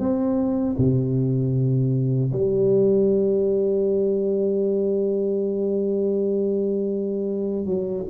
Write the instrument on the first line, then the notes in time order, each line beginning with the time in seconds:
tuba
0.00 C4
0.78 C3
2.33 G3
7.66 F#3